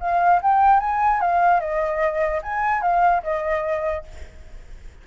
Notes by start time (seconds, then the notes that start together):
0.00 F5
0.42 G5
0.80 G#5
1.21 F5
1.60 D#5
2.42 G#5
2.82 F5
3.23 D#5